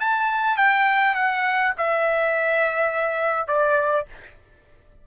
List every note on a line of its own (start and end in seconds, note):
0.00 0.57 A5
0.57 1.15 G5
1.15 1.73 F#5
1.78 3.48 E5
3.48 4.06 D5